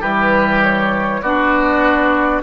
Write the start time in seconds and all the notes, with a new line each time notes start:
0.00 E3 G3 G4 B4
0.62 C#5
1.21 B3 D4 F#4 D5